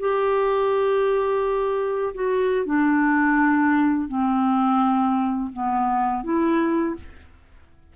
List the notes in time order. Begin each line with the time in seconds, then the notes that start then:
0.00 G4
2.15 F#4
2.66 D4
4.08 C4
5.53 B3
6.24 E4